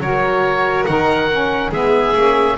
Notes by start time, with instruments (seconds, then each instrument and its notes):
0.00 double bass F#3, saxophone F#4, violin A#4, oboe C#5
0.85 double bass D#3, saxophone D#4, oboe F#5
1.31 saxophone C#4
1.71 double bass G#3, saxophone B3, violin G#4, oboe E5
2.15 double bass A#3, saxophone C#4